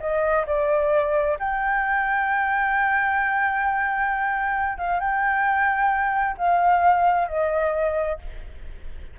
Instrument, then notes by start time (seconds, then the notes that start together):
flute
0.00 D#5
0.47 D5
1.40 G5
4.78 F5
5.00 G5
6.38 F5
7.28 D#5